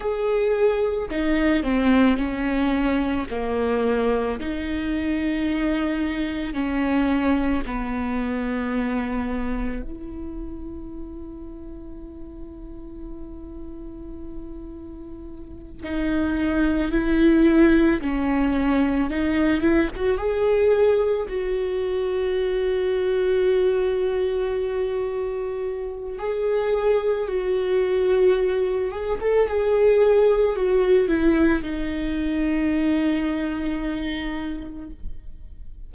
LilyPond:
\new Staff \with { instrumentName = "viola" } { \time 4/4 \tempo 4 = 55 gis'4 dis'8 c'8 cis'4 ais4 | dis'2 cis'4 b4~ | b4 e'2.~ | e'2~ e'8 dis'4 e'8~ |
e'8 cis'4 dis'8 e'16 fis'16 gis'4 fis'8~ | fis'1 | gis'4 fis'4. gis'16 a'16 gis'4 | fis'8 e'8 dis'2. | }